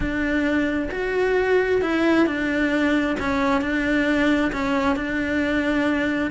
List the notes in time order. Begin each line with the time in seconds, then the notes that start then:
0.00 D4
0.91 F#4
1.81 E4
2.26 D4
3.19 C#4
3.61 D4
4.52 C#4
4.96 D4